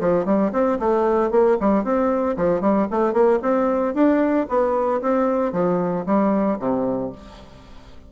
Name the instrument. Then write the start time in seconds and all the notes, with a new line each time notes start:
bassoon
0.00 F3
0.25 G3
0.52 C4
0.79 A3
1.31 A#3
1.60 G3
1.84 C4
2.37 F3
2.61 G3
2.91 A3
3.13 A#3
3.42 C4
3.94 D4
4.49 B3
5.01 C4
5.52 F3
6.06 G3
6.59 C3